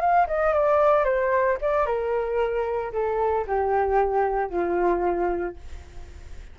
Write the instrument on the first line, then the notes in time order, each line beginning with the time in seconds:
flute
0.00 F5
0.27 D#5
0.53 D5
1.04 C5
1.61 D5
1.86 A#4
2.92 A4
3.47 G4
4.50 F4